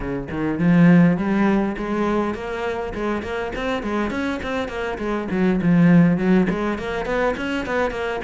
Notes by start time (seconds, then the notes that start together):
0.00 C#3
0.30 D#3
0.59 F3
1.17 G3
1.77 G#3
2.34 A#3
2.94 G#3
3.22 A#3
3.55 C4
3.82 G#3
4.10 C#4
4.43 C4
4.68 A#3
4.98 G#3
5.30 F#3
5.61 F3
6.17 F#3
6.49 G#3
6.78 A#3
7.05 B3
7.36 C#4
7.66 B3
7.90 A#3